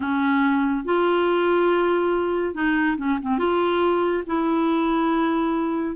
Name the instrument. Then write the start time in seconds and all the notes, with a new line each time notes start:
clarinet
0.00 C#4
0.85 F4
2.54 D#4
2.97 C#4
3.22 C4
3.38 F4
4.26 E4